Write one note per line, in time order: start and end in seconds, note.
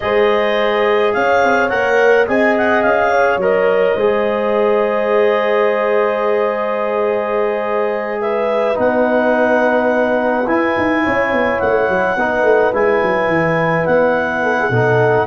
0.00 1.15 G#3
0.00 1.70 G#4
0.00 1.16 C5
0.00 1.13 D#5
1.13 1.43 C#4
1.13 2.28 C#5
1.13 1.69 F5
1.43 1.71 C4
1.69 2.28 A#3
1.69 2.26 A#4
1.69 2.26 F#5
2.27 2.84 C4
2.27 3.40 G#4
2.27 3.11 D#5
2.27 2.56 G#5
2.57 2.82 F#5
2.82 3.36 C#4
2.82 3.38 F5
3.11 3.96 C#5
3.36 3.93 F#3
3.36 3.97 A#4
3.36 8.20 D#5
3.96 8.77 G#3
3.96 8.74 G#4
3.96 8.20 C5
8.20 11.03 B4
8.20 8.77 E5
8.74 10.47 B3
8.74 10.44 D#4
8.74 10.47 F#5
10.47 10.75 E4
10.47 12.18 E4
10.47 11.59 G#5
10.77 11.05 D#4
11.03 11.32 C#4
11.03 12.16 C#5
11.32 11.60 B3
11.59 11.88 A3
11.59 12.73 F#5
11.88 12.16 F#3
12.16 12.43 B3
12.16 12.73 D#4
12.16 14.43 B4
12.43 12.71 A3
12.73 13.01 G#3
12.73 14.71 E4
12.73 13.85 G#5
13.03 13.27 F#3
13.27 13.83 E3
13.85 14.69 B3
13.85 15.27 F#5
14.43 14.57 A4
14.59 14.70 G#4
14.69 15.26 B2
14.69 15.27 D#4
14.69 15.27 A4